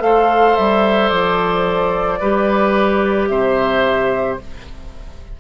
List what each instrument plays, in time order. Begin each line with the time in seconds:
0.00 bassoon A3, clarinet A4, oboe C5, flute F5
0.56 bassoon G3, flute E5
1.09 bassoon F3, flute D5
2.20 bassoon G3, clarinet G4, oboe B4
3.28 bassoon C3, oboe C5, flute E5